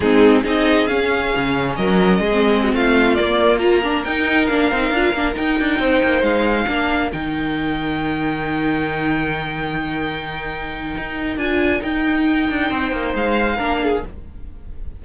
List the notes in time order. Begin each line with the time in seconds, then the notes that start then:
0.00 G#3 C4 D#4 G#4
0.42 C4 D#4 G#4 D#5
0.86 C#4 F5
1.35 C#3
1.75 F#3 A#4 D#5
2.19 G#3 G#4
2.31 C4
2.63 F#4
2.74 A3 F4 F5
3.14 A#3 D5
3.58 F4 A#4 A#5
3.82 D4
4.03 D#4 G5
4.46 A#3 D4 F5
4.71 C4 D#4
4.90 D4 F4
5.13 A#3 D4
5.34 D#4 G5
5.59 D4
5.79 C4 C5
6.03 A#3
6.22 G#3 F5
6.67 A#3 D4 A#4
7.12 D#3 D#4 G5
10.97 D#4
11.36 D4 F4 G#5
11.80 D#4 G5
12.49 D4
12.70 C4 C5
12.92 A#3
13.14 G#3 F5
13.56 A#3 D4 A#4
13.82 G#4